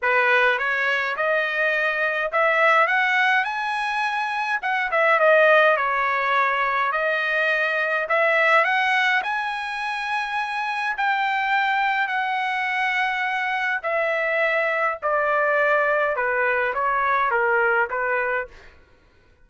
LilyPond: \new Staff \with { instrumentName = "trumpet" } { \time 4/4 \tempo 4 = 104 b'4 cis''4 dis''2 | e''4 fis''4 gis''2 | fis''8 e''8 dis''4 cis''2 | dis''2 e''4 fis''4 |
gis''2. g''4~ | g''4 fis''2. | e''2 d''2 | b'4 cis''4 ais'4 b'4 | }